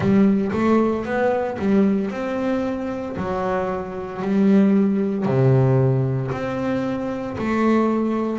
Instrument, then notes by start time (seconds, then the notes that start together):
double bass
0.00 G3
0.52 A3
1.05 B3
1.58 G3
2.11 C4
3.16 F#3
4.22 G3
5.25 C3
6.31 C4
7.37 A3